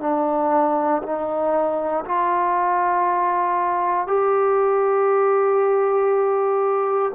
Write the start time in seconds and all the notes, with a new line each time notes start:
0.00 D4
1.02 D#4
2.05 F4
4.07 G4